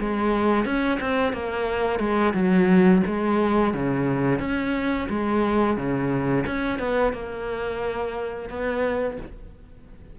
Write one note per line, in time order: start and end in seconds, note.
0.00 0.65 G#3
0.65 0.99 C#4
1.01 1.34 C4
1.34 2.00 A#3
2.00 2.34 G#3
2.34 3.02 F#3
3.07 3.74 G#3
3.74 4.40 C#3
4.40 5.08 C#4
5.10 5.77 G#3
5.77 6.46 C#3
6.47 6.79 C#4
6.79 7.13 B3
7.13 8.50 A#3
8.50 9.18 B3